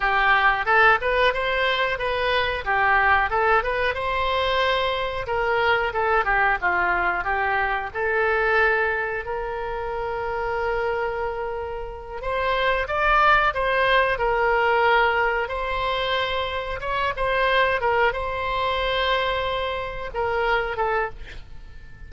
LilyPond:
\new Staff \with { instrumentName = "oboe" } { \time 4/4 \tempo 4 = 91 g'4 a'8 b'8 c''4 b'4 | g'4 a'8 b'8 c''2 | ais'4 a'8 g'8 f'4 g'4 | a'2 ais'2~ |
ais'2~ ais'8 c''4 d''8~ | d''8 c''4 ais'2 c''8~ | c''4. cis''8 c''4 ais'8 c''8~ | c''2~ c''8 ais'4 a'8 | }